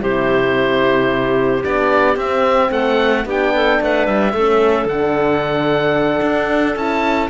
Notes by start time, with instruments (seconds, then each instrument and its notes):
0.00 cello C3, horn E4, clarinet G4, oboe C5
1.64 cello B3, horn D4, oboe D5
2.16 cello C4, horn C4, oboe E5
2.70 cello A3, clarinet A4, oboe F#5
3.25 cello B3, horn D4, clarinet G4, oboe G5
3.54 clarinet A4
3.80 cello A3, clarinet B4, oboe F#5
4.06 cello G3, oboe E5
4.33 cello A3, horn C#4, clarinet A4
4.85 cello D3, horn D4, oboe F#5
6.22 cello D4
6.75 cello C#4, horn E4, oboe A5